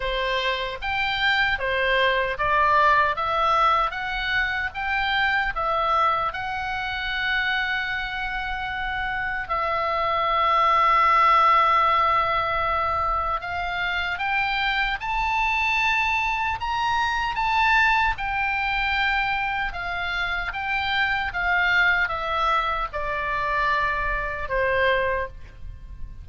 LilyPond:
\new Staff \with { instrumentName = "oboe" } { \time 4/4 \tempo 4 = 76 c''4 g''4 c''4 d''4 | e''4 fis''4 g''4 e''4 | fis''1 | e''1~ |
e''4 f''4 g''4 a''4~ | a''4 ais''4 a''4 g''4~ | g''4 f''4 g''4 f''4 | e''4 d''2 c''4 | }